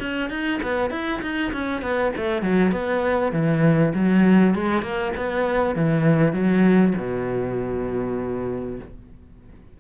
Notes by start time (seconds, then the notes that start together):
0.00 C#4
0.30 D#4
0.63 B3
0.91 E4
1.22 D#4
1.53 C#4
1.82 B3
2.17 A3
2.42 F#3
2.72 B3
3.33 E3
3.94 F#3
4.55 G#3
4.82 A#3
5.17 B3
5.76 E3
6.33 F#3
6.98 B2